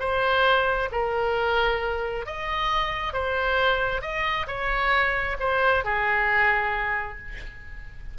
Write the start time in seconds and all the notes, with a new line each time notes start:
0.00 C5
0.92 A#4
2.26 D#5
3.13 C5
4.02 D#5
4.48 C#5
5.40 C5
5.85 G#4